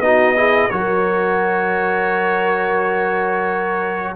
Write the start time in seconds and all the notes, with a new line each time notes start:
0.00 B3 D#4 F#4 D#5
0.36 E4 G#4
0.70 F#3 F#4 A#4 C#5